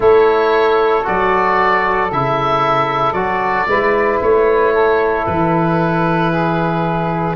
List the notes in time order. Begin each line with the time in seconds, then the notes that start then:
0.00 A3 E4 A4 C#5
1.03 F#3 F#4 D5
2.11 C#3 E4 E5
3.12 F#3 F#4 D5
3.66 G#3 E4 B4
4.21 A3 C#5
4.73 A4
5.26 E3 B4
6.30 G#4